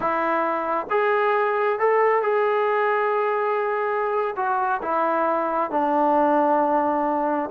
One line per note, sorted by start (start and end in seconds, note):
0.00 0.86 E4
0.90 1.79 G#4
1.79 2.22 A4
2.22 4.35 G#4
4.36 4.81 F#4
4.82 5.70 E4
5.70 7.50 D4